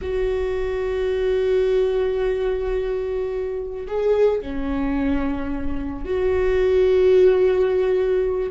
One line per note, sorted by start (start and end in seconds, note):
0.01 3.87 F#4
3.87 4.40 G#4
4.40 6.04 C#4
6.04 8.51 F#4